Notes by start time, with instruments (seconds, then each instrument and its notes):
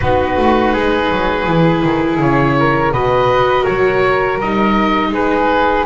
0.00 double bass B3, viola D#4, flute F#4, oboe B4
0.36 double bass A3
0.73 double bass G#3, flute G#4
1.10 double bass F#3
1.46 double bass E3, viola E4
1.83 double bass D#3
2.19 double bass C#3, oboe C#5
2.59 flute A#4
2.91 double bass B2, viola F#4, flute B4, oboe D#5
3.63 double bass F#3, flute A#4, oboe C#5
4.39 double bass G3, viola D#4, oboe D#5
5.11 double bass G#3, flute G#4, oboe B4